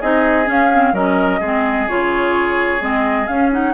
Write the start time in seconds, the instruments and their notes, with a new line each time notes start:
0.00 bassoon C4, clarinet D#4, oboe G#4, flute D#5
0.45 clarinet C#4, bassoon C#4, flute F5
0.73 clarinet C4
0.92 bassoon F#3, clarinet C#4, oboe A#4, flute D#5
1.39 bassoon G#3, clarinet C4, oboe G#4
1.88 bassoon C#3, clarinet F4, flute C#5
2.80 bassoon G#3, clarinet C4, flute D#5
3.27 bassoon C#4, clarinet C#4, flute F5
3.52 clarinet D#4, flute F#5